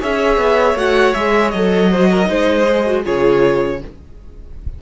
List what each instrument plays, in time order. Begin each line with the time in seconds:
0.00 cello C#4, viola G#4, violin C#5 E5
0.37 cello B3
0.74 cello A3, viola F#4, violin F#5
1.13 cello G#3, viola G#4, violin E5
1.51 cello F#3, viola A4, violin D#5
1.90 viola F#4, violin C5
2.11 violin A#4
2.25 cello G#3, viola D#4, violin C5
2.68 viola G#4
2.86 viola F#4
3.03 cello C#3, viola F4, violin G#4 C#5